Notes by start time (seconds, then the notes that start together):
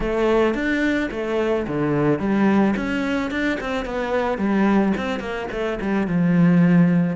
0.00 A3
0.54 D4
1.11 A3
1.67 D3
2.19 G3
2.76 C#4
3.31 D4
3.60 C4
3.85 B3
4.38 G3
4.97 C4
5.19 A#3
5.51 A3
5.81 G3
6.07 F3